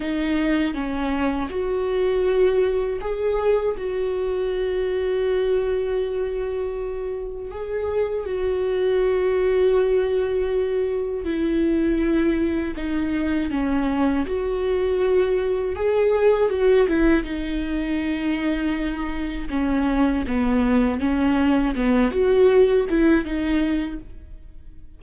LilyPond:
\new Staff \with { instrumentName = "viola" } { \time 4/4 \tempo 4 = 80 dis'4 cis'4 fis'2 | gis'4 fis'2.~ | fis'2 gis'4 fis'4~ | fis'2. e'4~ |
e'4 dis'4 cis'4 fis'4~ | fis'4 gis'4 fis'8 e'8 dis'4~ | dis'2 cis'4 b4 | cis'4 b8 fis'4 e'8 dis'4 | }